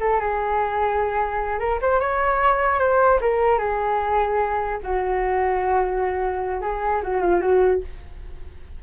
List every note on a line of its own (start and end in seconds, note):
0.00 0.20 A4
0.20 1.59 G#4
1.59 1.79 A#4
1.82 2.00 C5
2.00 2.79 C#5
2.79 3.19 C5
3.21 3.58 A#4
3.58 4.79 G#4
4.83 6.61 F#4
6.61 7.01 G#4
7.03 7.21 F#4
7.21 7.41 F4
7.41 7.81 F#4